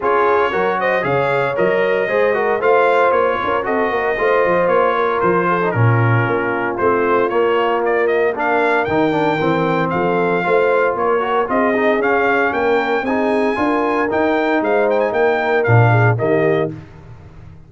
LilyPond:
<<
  \new Staff \with { instrumentName = "trumpet" } { \time 4/4 \tempo 4 = 115 cis''4. dis''8 f''4 dis''4~ | dis''4 f''4 cis''4 dis''4~ | dis''4 cis''4 c''4 ais'4~ | ais'4 c''4 cis''4 d''8 dis''8 |
f''4 g''2 f''4~ | f''4 cis''4 dis''4 f''4 | g''4 gis''2 g''4 | f''8 g''16 gis''16 g''4 f''4 dis''4 | }
  \new Staff \with { instrumentName = "horn" } { \time 4/4 gis'4 ais'8 c''8 cis''2 | c''8 ais'8 c''4. ais'8 a'8 ais'8 | c''4. ais'4 a'8 f'4~ | f'1 |
ais'2. a'4 | c''4 ais'4 gis'2 | ais'4 gis'4 ais'2 | c''4 ais'4. gis'8 g'4 | }
  \new Staff \with { instrumentName = "trombone" } { \time 4/4 f'4 fis'4 gis'4 ais'4 | gis'8 fis'8 f'2 fis'4 | f'2~ f'8. dis'16 cis'4~ | cis'4 c'4 ais2 |
d'4 dis'8 d'8 c'2 | f'4. fis'8 f'8 dis'8 cis'4~ | cis'4 dis'4 f'4 dis'4~ | dis'2 d'4 ais4 | }
  \new Staff \with { instrumentName = "tuba" } { \time 4/4 cis'4 fis4 cis4 fis4 | gis4 a4 ais8 cis'8 c'8 ais8 | a8 f8 ais4 f4 ais,4 | ais4 a4 ais2~ |
ais4 dis4 e4 f4 | a4 ais4 c'4 cis'4 | ais4 c'4 d'4 dis'4 | gis4 ais4 ais,4 dis4 | }
>>